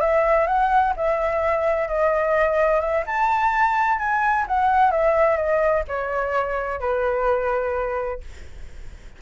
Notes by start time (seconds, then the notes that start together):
0.00 E5
0.47 F#5
0.96 E5
1.87 D#5
2.80 E5
3.06 A5
3.99 G#5
4.47 F#5
4.91 E5
5.37 D#5
5.88 C#5
6.80 B4